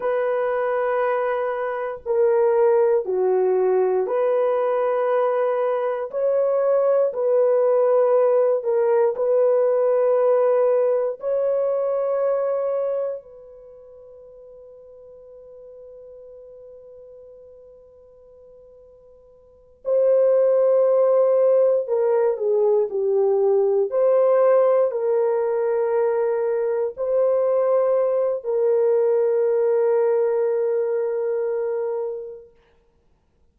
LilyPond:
\new Staff \with { instrumentName = "horn" } { \time 4/4 \tempo 4 = 59 b'2 ais'4 fis'4 | b'2 cis''4 b'4~ | b'8 ais'8 b'2 cis''4~ | cis''4 b'2.~ |
b'2.~ b'8 c''8~ | c''4. ais'8 gis'8 g'4 c''8~ | c''8 ais'2 c''4. | ais'1 | }